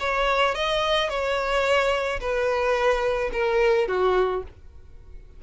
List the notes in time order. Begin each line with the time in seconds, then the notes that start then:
0.00 C#5
0.55 D#5
1.10 C#5
2.21 B4
3.33 A#4
3.88 F#4